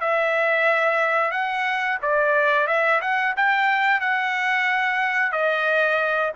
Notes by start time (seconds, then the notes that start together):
0.00 E5
1.31 F#5
2.02 D5
2.67 E5
3.01 F#5
3.36 G5
4.00 F#5
5.32 D#5